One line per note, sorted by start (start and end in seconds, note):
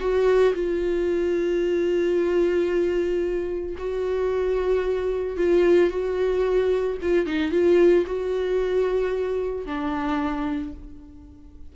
0.00 0.54 F#4
0.54 3.76 F4
3.78 5.37 F#4
5.37 5.90 F4
5.90 6.97 F#4
7.02 7.26 F4
7.26 7.51 D#4
7.51 8.05 F4
8.06 9.66 F#4
9.66 10.73 D4